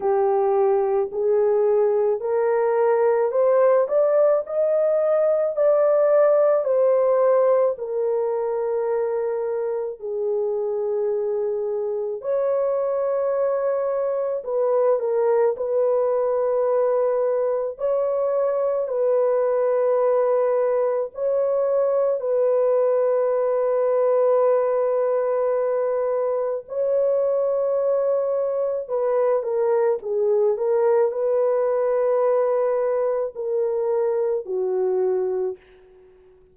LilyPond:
\new Staff \with { instrumentName = "horn" } { \time 4/4 \tempo 4 = 54 g'4 gis'4 ais'4 c''8 d''8 | dis''4 d''4 c''4 ais'4~ | ais'4 gis'2 cis''4~ | cis''4 b'8 ais'8 b'2 |
cis''4 b'2 cis''4 | b'1 | cis''2 b'8 ais'8 gis'8 ais'8 | b'2 ais'4 fis'4 | }